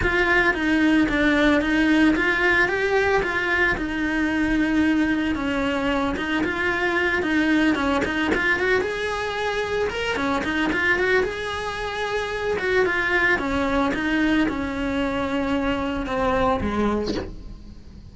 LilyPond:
\new Staff \with { instrumentName = "cello" } { \time 4/4 \tempo 4 = 112 f'4 dis'4 d'4 dis'4 | f'4 g'4 f'4 dis'4~ | dis'2 cis'4. dis'8 | f'4. dis'4 cis'8 dis'8 f'8 |
fis'8 gis'2 ais'8 cis'8 dis'8 | f'8 fis'8 gis'2~ gis'8 fis'8 | f'4 cis'4 dis'4 cis'4~ | cis'2 c'4 gis4 | }